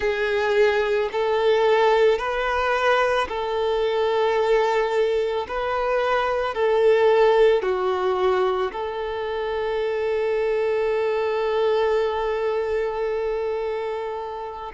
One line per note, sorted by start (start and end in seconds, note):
0.00 1.09 G#4
1.12 2.18 A4
2.18 3.27 B4
3.28 5.46 A4
5.47 6.54 B4
6.54 7.62 A4
7.62 8.71 F#4
8.72 14.72 A4